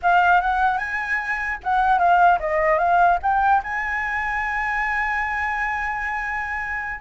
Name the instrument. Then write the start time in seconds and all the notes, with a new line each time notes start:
flute
0.02 F5
0.41 F#5
0.78 G#5
1.63 F#5
1.98 F5
2.39 D#5
2.78 F5
3.22 G5
3.63 G#5